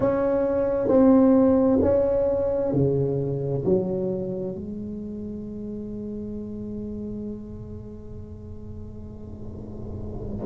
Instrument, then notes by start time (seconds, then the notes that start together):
tuba
0.00 C#4
0.88 C4
1.81 C#4
2.72 C#3
3.64 F#3
4.55 G#3